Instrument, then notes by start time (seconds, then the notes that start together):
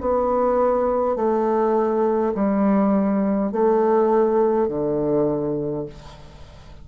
bassoon
0.00 B3
1.16 A3
2.35 G3
3.52 A3
4.68 D3